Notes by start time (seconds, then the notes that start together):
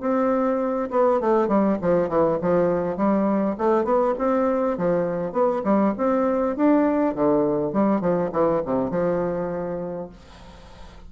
0.00 C4
0.90 B3
1.20 A3
1.47 G3
1.81 F3
2.08 E3
2.41 F3
2.96 G3
3.58 A3
3.84 B3
4.18 C4
4.77 F3
5.32 B3
5.64 G3
5.97 C4
6.56 D4
7.14 D3
7.73 G3
8.00 F3
8.32 E3
8.65 C3
8.90 F3